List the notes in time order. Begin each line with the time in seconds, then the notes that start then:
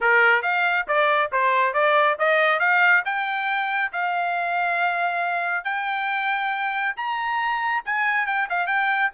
0.00 A#4
0.42 F5
0.87 D5
1.32 C5
1.73 D5
2.18 D#5
2.59 F5
3.05 G5
3.92 F5
5.64 G5
6.96 A#5
7.85 G#5
8.26 G5
8.49 F5
8.66 G5